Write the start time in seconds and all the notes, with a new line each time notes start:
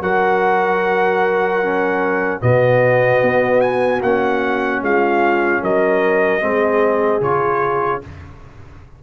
0.00 F#3 F#4 A#4 F#5
1.62 C#4
2.40 B2 B3 F#4 D#5
3.22 B3
3.60 G#5
4.01 A#3 C#4 F#5
4.81 G#3 F4 F5
5.62 F#3 A#4 D#5
6.40 G#3 C4 G#4
7.21 C#3 F4 C#5